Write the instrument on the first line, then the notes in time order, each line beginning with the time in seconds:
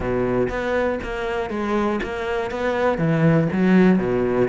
cello
0.00 B2
0.49 B3
1.02 A#3
1.50 G#3
2.02 A#3
2.50 B3
2.97 E3
3.52 F#3
3.98 B2